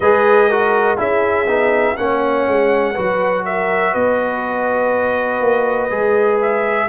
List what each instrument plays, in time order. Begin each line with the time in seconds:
0.00 tuba G#3, trombone G#4, horn B4, trumpet D#5
0.48 trombone F#4, horn A#4
0.97 tuba C#4, trombone E4, horn G#4, trumpet E5
1.46 tuba B3, trombone D#4
1.96 tuba A#3, trombone C#4, horn C#5, trumpet F#5
2.47 tuba G#3
2.94 tuba F#3, trombone F#4, horn B4
3.44 horn A#4, trumpet E5
3.92 tuba B3, horn B4, trumpet D#5
5.40 tuba A#3
5.90 tuba G#3, trombone G#4
6.41 trumpet E5